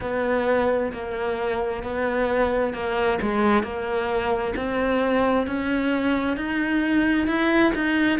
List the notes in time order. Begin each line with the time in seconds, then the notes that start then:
0.00 B3
0.92 A#3
1.83 B3
2.73 A#3
3.21 G#3
3.63 A#3
4.55 C4
5.46 C#4
6.36 D#4
7.27 E4
7.74 D#4